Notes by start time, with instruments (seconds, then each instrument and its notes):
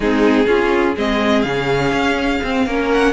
0.00 cello G#3, viola C4, violin D#4 G#4
0.45 viola C#4, cello C#4, violin F4
0.95 cello G#3, viola C4, violin G#4 D#5
1.42 cello C#3, viola C#4, violin F5
1.91 cello C#4
2.43 cello C4, viola C4
2.66 cello A#3, viola C#4, violin A#4
2.91 violin F#5